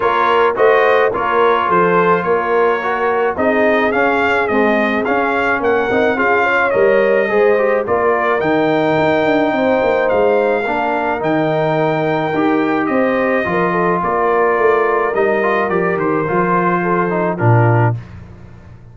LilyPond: <<
  \new Staff \with { instrumentName = "trumpet" } { \time 4/4 \tempo 4 = 107 cis''4 dis''4 cis''4 c''4 | cis''2 dis''4 f''4 | dis''4 f''4 fis''4 f''4 | dis''2 d''4 g''4~ |
g''2 f''2 | g''2. dis''4~ | dis''4 d''2 dis''4 | d''8 c''2~ c''8 ais'4 | }
  \new Staff \with { instrumentName = "horn" } { \time 4/4 ais'4 c''4 ais'4 a'4 | ais'2 gis'2~ | gis'2 ais'4 gis'8 cis''8~ | cis''4 c''4 ais'2~ |
ais'4 c''2 ais'4~ | ais'2. c''4 | ais'8 a'8 ais'2.~ | ais'2 a'4 f'4 | }
  \new Staff \with { instrumentName = "trombone" } { \time 4/4 f'4 fis'4 f'2~ | f'4 fis'4 dis'4 cis'4 | gis4 cis'4. dis'8 f'4 | ais'4 gis'8 g'8 f'4 dis'4~ |
dis'2. d'4 | dis'2 g'2 | f'2. dis'8 f'8 | g'4 f'4. dis'8 d'4 | }
  \new Staff \with { instrumentName = "tuba" } { \time 4/4 ais4 a4 ais4 f4 | ais2 c'4 cis'4 | c'4 cis'4 ais8 c'8 cis'4 | g4 gis4 ais4 dis4 |
dis'8 d'8 c'8 ais8 gis4 ais4 | dis2 dis'4 c'4 | f4 ais4 a4 g4 | f8 dis8 f2 ais,4 | }
>>